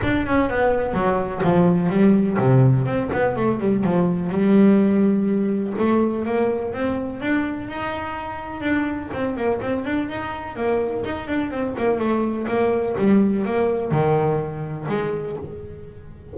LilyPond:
\new Staff \with { instrumentName = "double bass" } { \time 4/4 \tempo 4 = 125 d'8 cis'8 b4 fis4 f4 | g4 c4 c'8 b8 a8 g8 | f4 g2. | a4 ais4 c'4 d'4 |
dis'2 d'4 c'8 ais8 | c'8 d'8 dis'4 ais4 dis'8 d'8 | c'8 ais8 a4 ais4 g4 | ais4 dis2 gis4 | }